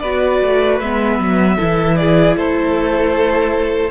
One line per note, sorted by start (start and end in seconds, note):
0.00 0.42 B3
0.00 0.82 F#4
0.00 1.56 B4
0.00 0.78 D5
0.42 0.80 A3
0.80 1.19 G#3
0.80 1.59 B3
0.80 1.97 E5
1.19 1.58 F#3
1.56 2.36 E3
1.56 3.91 E4
1.56 1.95 A4
1.97 2.37 G#4
1.97 2.36 D5
2.36 3.91 A3
2.36 3.91 A4
2.36 3.91 C5